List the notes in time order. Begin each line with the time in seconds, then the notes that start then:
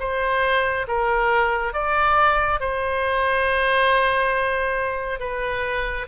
0.00 C5
0.88 A#4
1.74 D5
2.60 C5
5.20 B4